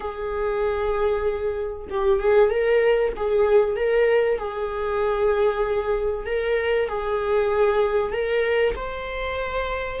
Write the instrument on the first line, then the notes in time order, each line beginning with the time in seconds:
viola
0.00 G#4
1.89 G4
2.19 G#4
2.50 A#4
3.16 G#4
3.76 A#4
4.38 G#4
6.26 A#4
6.88 G#4
8.12 A#4
8.75 C5